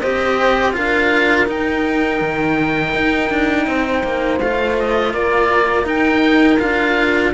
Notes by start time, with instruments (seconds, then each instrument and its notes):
0.00 cello C4 G4, horn C5, oboe D#5
0.73 cello D4 F4, horn A#4, oboe F5
1.46 cello D#4, oboe G5
2.21 cello D#3
2.94 cello D#4
3.30 cello D4
3.66 cello C4, horn C5
4.03 cello A#3
4.39 cello A3 F4, oboe F5
4.79 oboe D#5
5.13 cello A#3, horn A#4, oboe D5
5.84 cello D#4, oboe G5
6.59 cello D4 F4, oboe F5